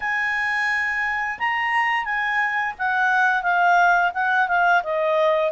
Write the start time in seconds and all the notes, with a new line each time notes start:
0.00 G#5
1.38 A#5
2.05 G#5
2.78 F#5
3.42 F5
4.14 F#5
4.48 F5
4.83 D#5